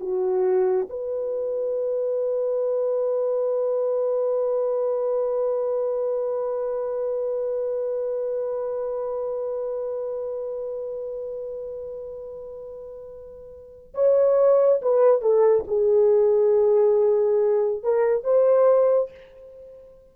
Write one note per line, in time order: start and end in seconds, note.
0.00 0.87 F#4
0.89 13.94 B4
13.94 14.81 C#5
14.82 15.21 B4
15.21 15.64 A4
15.67 17.83 G#4
17.83 18.23 A#4
18.23 19.10 C5